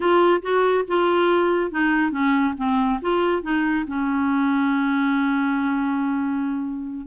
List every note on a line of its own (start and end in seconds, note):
0.00 0.41 F4
0.42 0.85 F#4
0.87 1.71 F4
1.71 2.11 D#4
2.11 2.54 C#4
2.57 3.00 C4
3.01 3.42 F4
3.42 3.85 D#4
3.87 7.06 C#4